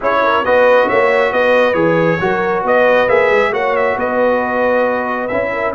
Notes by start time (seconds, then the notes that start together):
0.00 C#4 E4 G#4 C#5
0.23 A#4
0.44 B3 F#4 B4 D#5
0.87 A#3 C#5 E5
1.32 B3 B4 D#5
1.73 E3 G#4 C#5
2.20 F#3 F#4 A#4
2.63 B3 B4 D#5
3.08 A#3 G#4 E5
3.30 G#3
3.51 A#3 F#4 C#5 F#5
3.76 E5
3.96 B3 B4 D#5
5.27 C#4 E4 E5
5.52 A#4